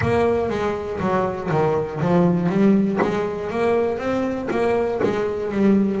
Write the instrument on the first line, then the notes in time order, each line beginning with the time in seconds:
double bass
0.00 A#3
0.49 G#3
1.00 F#3
1.50 D#3
2.00 F3
2.49 G3
3.01 G#3
3.50 A#3
3.98 C4
4.50 A#3
5.03 G#3
5.51 G3